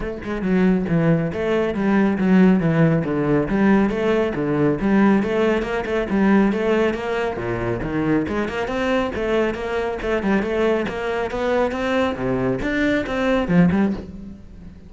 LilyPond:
\new Staff \with { instrumentName = "cello" } { \time 4/4 \tempo 4 = 138 a8 gis8 fis4 e4 a4 | g4 fis4 e4 d4 | g4 a4 d4 g4 | a4 ais8 a8 g4 a4 |
ais4 ais,4 dis4 gis8 ais8 | c'4 a4 ais4 a8 g8 | a4 ais4 b4 c'4 | c4 d'4 c'4 f8 g8 | }